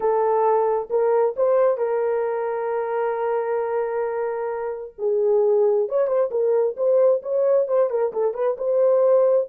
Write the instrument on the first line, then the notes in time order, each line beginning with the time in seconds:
horn
0.00 A4
0.90 A#4
1.36 C5
1.77 A#4
4.98 G#4
5.89 C#5
6.07 C5
6.30 A#4
6.77 C5
7.22 C#5
7.67 C5
7.89 A#4
8.12 A4
8.34 B4
8.57 C5